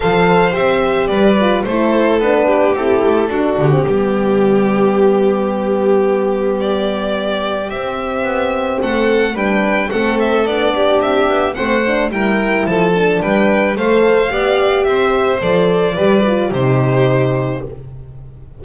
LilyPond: <<
  \new Staff \with { instrumentName = "violin" } { \time 4/4 \tempo 4 = 109 f''4 e''4 d''4 c''4 | b'4 a'4. g'4.~ | g'1 | d''2 e''2 |
fis''4 g''4 fis''8 e''8 d''4 | e''4 fis''4 g''4 a''4 | g''4 f''2 e''4 | d''2 c''2 | }
  \new Staff \with { instrumentName = "violin" } { \time 4/4 c''2 b'4 a'4~ | a'8 g'4. fis'4 g'4~ | g'1~ | g'1 |
a'4 b'4 a'4. g'8~ | g'4 c''4 ais'4 a'4 | b'4 c''4 d''4 c''4~ | c''4 b'4 g'2 | }
  \new Staff \with { instrumentName = "horn" } { \time 4/4 a'4 g'4. f'8 e'4 | d'4 e'4 d'8. c'16 b4~ | b1~ | b2 c'2~ |
c'4 d'4 c'4 d'4~ | d'4 c'8 d'8 e'4. d'8~ | d'4 a'4 g'2 | a'4 g'8 f'8 dis'2 | }
  \new Staff \with { instrumentName = "double bass" } { \time 4/4 f4 c'4 g4 a4 | b4 c'8 a8 d'8 d8 g4~ | g1~ | g2 c'4 b4 |
a4 g4 a4 b4 | c'8 b8 a4 g4 f4 | g4 a4 b4 c'4 | f4 g4 c2 | }
>>